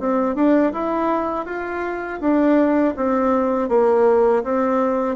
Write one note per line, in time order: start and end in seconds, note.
0.00 0.35 C4
0.35 0.72 D4
0.73 1.46 E4
1.46 2.20 F4
2.21 2.95 D4
2.97 3.69 C4
3.69 4.43 A#3
4.44 5.16 C4